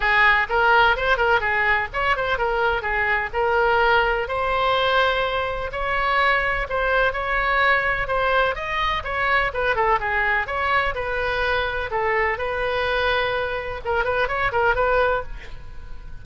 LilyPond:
\new Staff \with { instrumentName = "oboe" } { \time 4/4 \tempo 4 = 126 gis'4 ais'4 c''8 ais'8 gis'4 | cis''8 c''8 ais'4 gis'4 ais'4~ | ais'4 c''2. | cis''2 c''4 cis''4~ |
cis''4 c''4 dis''4 cis''4 | b'8 a'8 gis'4 cis''4 b'4~ | b'4 a'4 b'2~ | b'4 ais'8 b'8 cis''8 ais'8 b'4 | }